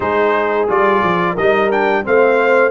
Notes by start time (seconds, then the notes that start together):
0.00 G#3 D#4 G#4 C5
0.68 G3 F4 D5
1.03 F3
1.33 G3 D#4 A#4 D#5
1.71 D4 G5
2.03 A3 C4 C5 F5